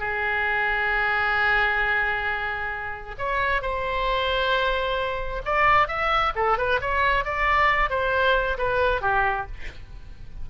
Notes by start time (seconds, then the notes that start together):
0.00 G#4
3.19 C#5
3.62 C5
5.45 D5
5.88 E5
6.36 A4
6.58 B4
6.81 C#5
7.25 D5
7.90 C5
8.58 B4
9.02 G4